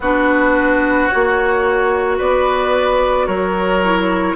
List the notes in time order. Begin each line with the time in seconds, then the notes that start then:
0.00 B3 D4 F#4 B4
1.08 F#4 C#5
1.14 A#3
2.17 B3 B4 D5
3.26 F#3 A#4 C#5
3.83 E4